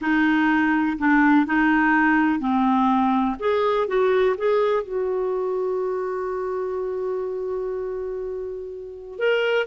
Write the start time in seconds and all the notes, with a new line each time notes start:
0.01 D#4
0.98 D4
1.46 D#4
2.39 C4
3.39 G#4
3.87 F#4
4.37 G#4
4.83 F#4
9.18 A#4